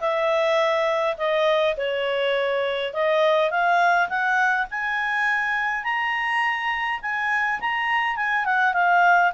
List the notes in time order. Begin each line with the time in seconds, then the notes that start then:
0.00 E5
1.17 D#5
1.77 C#5
2.93 D#5
3.50 F5
4.09 F#5
4.71 G#5
5.84 A#5
7.02 G#5
7.60 A#5
8.16 G#5
8.45 F#5
8.73 F5